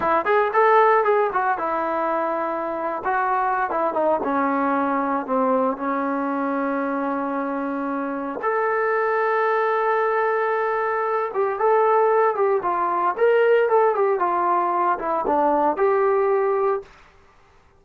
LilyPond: \new Staff \with { instrumentName = "trombone" } { \time 4/4 \tempo 4 = 114 e'8 gis'8 a'4 gis'8 fis'8 e'4~ | e'4.~ e'16 fis'4~ fis'16 e'8 dis'8 | cis'2 c'4 cis'4~ | cis'1 |
a'1~ | a'4. g'8 a'4. g'8 | f'4 ais'4 a'8 g'8 f'4~ | f'8 e'8 d'4 g'2 | }